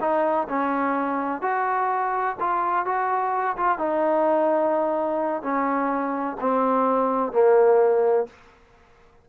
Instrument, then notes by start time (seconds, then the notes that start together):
trombone
0.00 D#4
0.49 C#4
1.42 F#4
2.40 F4
2.85 F#4
3.56 F4
3.78 D#4
5.42 C#4
6.40 C4
7.32 A#3